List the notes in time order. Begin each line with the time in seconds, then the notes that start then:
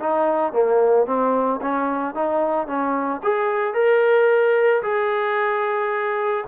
0.00 D#4
0.53 A#3
1.07 C4
1.62 C#4
2.15 D#4
2.67 C#4
3.24 G#4
3.74 A#4
4.83 G#4